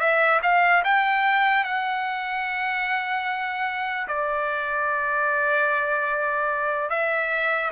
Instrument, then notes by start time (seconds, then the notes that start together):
trumpet
0.00 E5
0.43 F5
0.84 G5
1.64 F#5
4.08 D5
6.90 E5